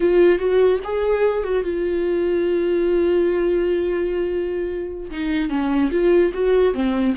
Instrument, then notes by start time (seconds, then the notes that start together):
viola
0.00 F4
0.39 F#4
0.84 G#4
1.43 F#4
1.63 F4
5.10 D#4
5.49 C#4
5.91 F4
6.34 F#4
6.74 C4